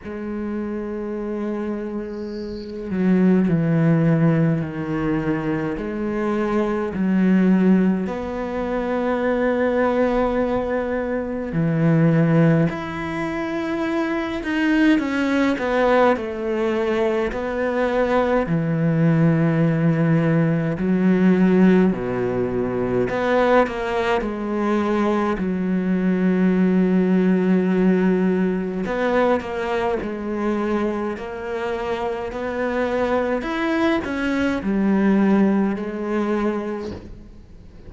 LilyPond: \new Staff \with { instrumentName = "cello" } { \time 4/4 \tempo 4 = 52 gis2~ gis8 fis8 e4 | dis4 gis4 fis4 b4~ | b2 e4 e'4~ | e'8 dis'8 cis'8 b8 a4 b4 |
e2 fis4 b,4 | b8 ais8 gis4 fis2~ | fis4 b8 ais8 gis4 ais4 | b4 e'8 cis'8 g4 gis4 | }